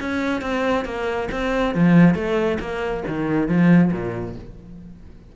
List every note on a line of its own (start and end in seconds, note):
0.00 0.42 C#4
0.42 0.85 C4
0.85 1.29 A#3
1.32 1.75 C4
1.75 2.15 F3
2.15 2.58 A3
2.60 3.03 A#3
3.08 3.48 D#3
3.48 3.92 F3
3.92 4.36 A#2